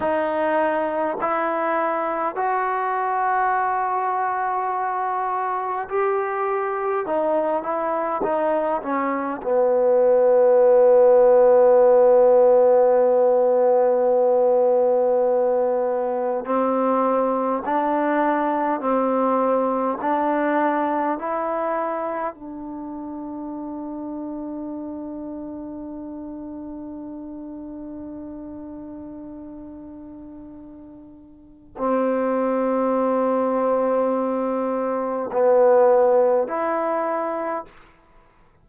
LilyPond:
\new Staff \with { instrumentName = "trombone" } { \time 4/4 \tempo 4 = 51 dis'4 e'4 fis'2~ | fis'4 g'4 dis'8 e'8 dis'8 cis'8 | b1~ | b2 c'4 d'4 |
c'4 d'4 e'4 d'4~ | d'1~ | d'2. c'4~ | c'2 b4 e'4 | }